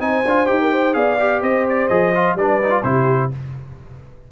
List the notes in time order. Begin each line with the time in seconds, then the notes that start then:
0.00 C4 D#4 C5 G#5
0.25 D4 F4
0.47 D#4 G4 G5
0.62 A#4
0.73 C5
0.94 B3 G#4 D5 F5
1.19 G4
1.42 C4 C5 D#5
1.69 D5
1.88 F3 G#4 D#5
2.15 F4
2.35 G3 D4 B4 D5
2.63 D#4
2.71 F4
2.83 C3 E4 G4 C5